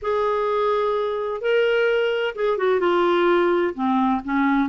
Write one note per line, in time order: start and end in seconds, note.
0.02 1.41 G#4
1.41 2.34 A#4
2.35 2.57 G#4
2.57 2.80 F#4
2.80 3.74 F4
3.74 4.21 C4
4.24 4.69 C#4